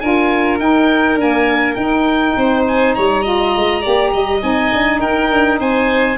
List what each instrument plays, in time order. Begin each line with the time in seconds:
0.00 tuba D4, saxophone F4, violin A#4, oboe G#5
0.59 saxophone D#4, tuba D#4, oboe G5
1.15 saxophone A#3, tuba D4, oboe G#5
1.74 tuba D#4, saxophone D#4, oboe G5
2.37 tuba C4, violin C5
2.68 oboe G#5
2.95 tuba G3, violin C#5, oboe A#5
3.22 saxophone F4, violin D#5
3.56 tuba G#3
3.81 tuba A#3, saxophone G4, violin D5
4.12 tuba G3, violin D#5
4.40 tuba C4, saxophone D#4, oboe G#5
4.73 tuba D4
5.00 tuba D#4, violin A#4, oboe G5
5.30 tuba D4
5.59 tuba C4, violin C5, oboe G#5